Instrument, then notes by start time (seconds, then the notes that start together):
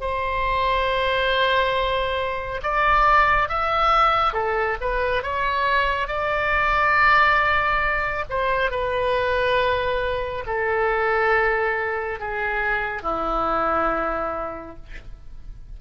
oboe
0.00 C5
2.62 D5
3.49 E5
4.33 A4
4.80 B4
5.22 C#5
6.07 D5
8.29 C5
8.70 B4
10.46 A4
12.19 G#4
13.02 E4